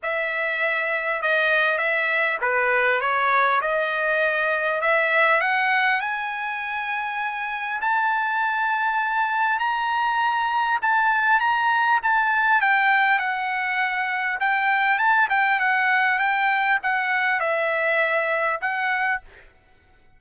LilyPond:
\new Staff \with { instrumentName = "trumpet" } { \time 4/4 \tempo 4 = 100 e''2 dis''4 e''4 | b'4 cis''4 dis''2 | e''4 fis''4 gis''2~ | gis''4 a''2. |
ais''2 a''4 ais''4 | a''4 g''4 fis''2 | g''4 a''8 g''8 fis''4 g''4 | fis''4 e''2 fis''4 | }